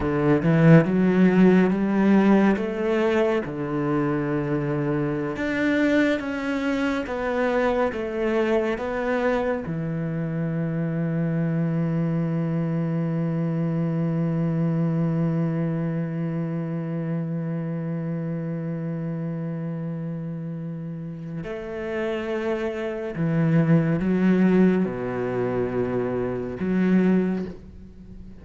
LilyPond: \new Staff \with { instrumentName = "cello" } { \time 4/4 \tempo 4 = 70 d8 e8 fis4 g4 a4 | d2~ d16 d'4 cis'8.~ | cis'16 b4 a4 b4 e8.~ | e1~ |
e1~ | e1~ | e4 a2 e4 | fis4 b,2 fis4 | }